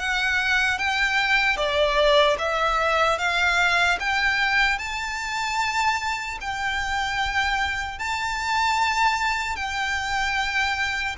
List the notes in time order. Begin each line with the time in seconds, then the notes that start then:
0.00 F#5
0.79 G5
1.57 D5
2.39 E5
3.19 F5
4.00 G5
4.79 A5
6.41 G5
7.99 A5
9.57 G5